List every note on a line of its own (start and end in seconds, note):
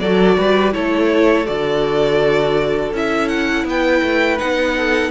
0.00 0.37 F#3
0.00 0.72 F#4
0.00 0.38 A4
0.00 0.73 D5
0.38 0.75 G3
0.38 0.74 B4
0.72 1.48 A3
0.72 1.45 E4
0.72 3.67 A4
0.72 1.47 C#5
1.46 2.93 D3
1.46 2.92 F#4
1.46 2.93 D5
2.93 3.65 C#4
2.93 4.39 E4
2.93 3.29 E5
3.29 3.65 F#5
3.65 4.01 B3
3.65 4.77 B4
3.65 4.39 G5
4.02 4.39 A3
4.39 5.11 B3
4.39 5.11 D#4
4.39 5.11 F#5
4.77 5.11 A4